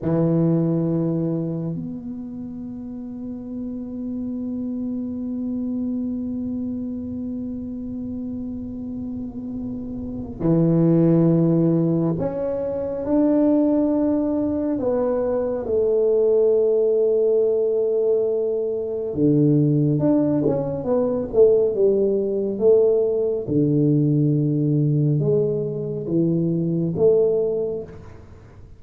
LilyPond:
\new Staff \with { instrumentName = "tuba" } { \time 4/4 \tempo 4 = 69 e2 b2~ | b1~ | b1 | e2 cis'4 d'4~ |
d'4 b4 a2~ | a2 d4 d'8 cis'8 | b8 a8 g4 a4 d4~ | d4 gis4 e4 a4 | }